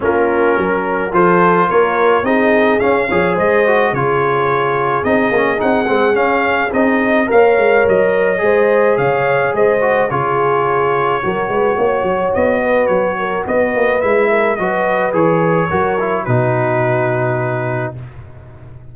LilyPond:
<<
  \new Staff \with { instrumentName = "trumpet" } { \time 4/4 \tempo 4 = 107 ais'2 c''4 cis''4 | dis''4 f''4 dis''4 cis''4~ | cis''4 dis''4 fis''4 f''4 | dis''4 f''4 dis''2 |
f''4 dis''4 cis''2~ | cis''2 dis''4 cis''4 | dis''4 e''4 dis''4 cis''4~ | cis''4 b'2. | }
  \new Staff \with { instrumentName = "horn" } { \time 4/4 f'4 ais'4 a'4 ais'4 | gis'4. cis''8 c''4 gis'4~ | gis'1~ | gis'4 cis''2 c''4 |
cis''4 c''4 gis'2 | ais'8 b'8 cis''4. b'4 ais'8 | b'4. ais'8 b'2 | ais'4 fis'2. | }
  \new Staff \with { instrumentName = "trombone" } { \time 4/4 cis'2 f'2 | dis'4 cis'8 gis'4 fis'8 f'4~ | f'4 dis'8 cis'8 dis'8 c'8 cis'4 | dis'4 ais'2 gis'4~ |
gis'4. fis'8 f'2 | fis'1~ | fis'4 e'4 fis'4 gis'4 | fis'8 e'8 dis'2. | }
  \new Staff \with { instrumentName = "tuba" } { \time 4/4 ais4 fis4 f4 ais4 | c'4 cis'8 f8 gis4 cis4~ | cis4 c'8 ais8 c'8 gis8 cis'4 | c'4 ais8 gis8 fis4 gis4 |
cis4 gis4 cis2 | fis8 gis8 ais8 fis8 b4 fis4 | b8 ais8 gis4 fis4 e4 | fis4 b,2. | }
>>